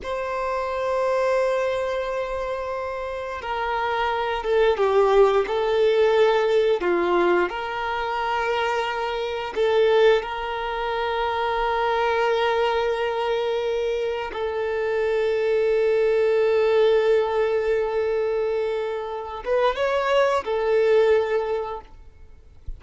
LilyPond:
\new Staff \with { instrumentName = "violin" } { \time 4/4 \tempo 4 = 88 c''1~ | c''4 ais'4. a'8 g'4 | a'2 f'4 ais'4~ | ais'2 a'4 ais'4~ |
ais'1~ | ais'4 a'2.~ | a'1~ | a'8 b'8 cis''4 a'2 | }